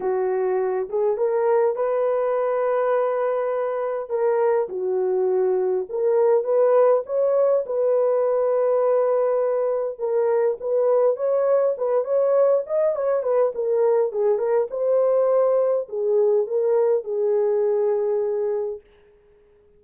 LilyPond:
\new Staff \with { instrumentName = "horn" } { \time 4/4 \tempo 4 = 102 fis'4. gis'8 ais'4 b'4~ | b'2. ais'4 | fis'2 ais'4 b'4 | cis''4 b'2.~ |
b'4 ais'4 b'4 cis''4 | b'8 cis''4 dis''8 cis''8 b'8 ais'4 | gis'8 ais'8 c''2 gis'4 | ais'4 gis'2. | }